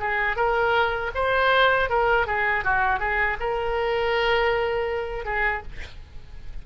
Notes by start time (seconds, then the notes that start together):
0.00 G#4
0.36 A#4
1.15 C5
1.90 A#4
2.27 G#4
2.64 F#4
2.99 G#4
3.40 A#4
5.25 G#4